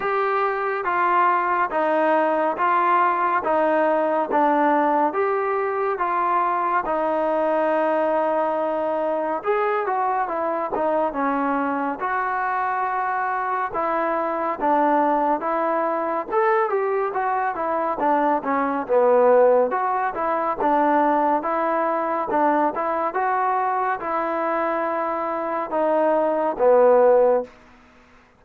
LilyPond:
\new Staff \with { instrumentName = "trombone" } { \time 4/4 \tempo 4 = 70 g'4 f'4 dis'4 f'4 | dis'4 d'4 g'4 f'4 | dis'2. gis'8 fis'8 | e'8 dis'8 cis'4 fis'2 |
e'4 d'4 e'4 a'8 g'8 | fis'8 e'8 d'8 cis'8 b4 fis'8 e'8 | d'4 e'4 d'8 e'8 fis'4 | e'2 dis'4 b4 | }